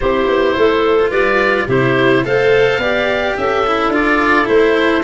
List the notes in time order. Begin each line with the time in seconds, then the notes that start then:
0.00 C4 E4 G4 C5
0.27 B3
0.56 A3 A4
0.99 F4
1.10 G3 B4 D5
1.66 C3 E4 G4 C5
2.24 A3 A4 C5 F5
2.78 B3 G4 D5
3.36 C#4 A4 E5
3.66 E4
3.88 D4 F4
3.95 D5
4.45 A3 E4 C5